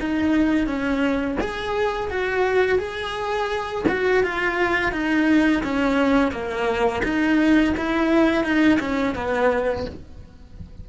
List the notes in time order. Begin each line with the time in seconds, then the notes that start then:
0.00 D#4
0.67 C#4
1.41 G#4
2.10 F#4
2.79 G#4
3.89 F#4
4.24 F4
4.93 D#4
5.64 C#4
6.32 A#3
7.04 D#4
7.77 E4
8.44 D#4
8.80 C#4
9.16 B3